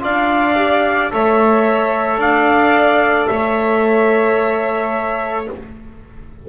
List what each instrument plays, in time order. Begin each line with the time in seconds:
0.00 double bass D4, trombone F4, violin D5, trumpet F5
0.57 trombone G4
1.11 double bass A3, trombone A4, violin C#5, trumpet E5
2.18 double bass D4, violin D5, trumpet F5
3.27 double bass A3, violin C#5, trumpet E5